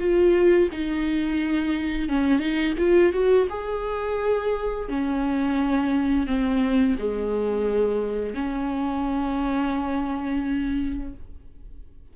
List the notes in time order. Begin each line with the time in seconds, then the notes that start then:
0.00 F4
0.72 D#4
2.09 C#4
2.39 D#4
2.78 F4
3.13 F#4
3.50 G#4
4.89 C#4
6.27 C4
6.99 G#3
8.35 C#4